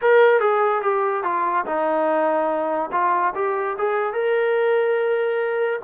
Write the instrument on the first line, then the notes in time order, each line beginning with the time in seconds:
trombone
0.01 A#4
0.40 G#4
0.82 G4
1.23 F4
1.65 D#4
2.92 F4
3.34 G4
3.78 G#4
4.12 A#4